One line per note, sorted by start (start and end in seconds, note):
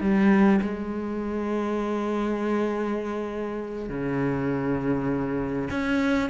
0.00 0.60 G3
0.61 3.89 G#3
3.89 5.69 C#3
5.70 6.29 C#4